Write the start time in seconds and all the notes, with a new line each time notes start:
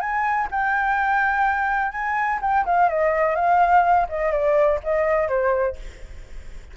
0.00 G#5
0.50 G5
1.92 G#5
2.41 G5
2.65 F5
2.89 D#5
3.35 F5
4.08 D#5
4.32 D5
4.83 D#5
5.28 C5